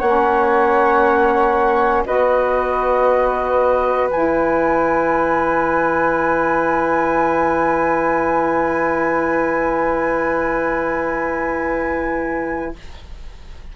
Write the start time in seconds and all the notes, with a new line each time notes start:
0.00 A#3 C#4 C#5 F#5
2.06 B3 F#4 B4 D#5
4.08 E3 E4 G#5